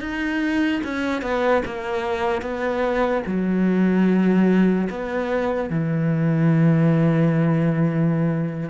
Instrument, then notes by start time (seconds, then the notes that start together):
cello
0.00 D#4
0.84 C#4
1.22 B3
1.65 A#3
2.42 B3
3.26 F#3
4.90 B3
5.70 E3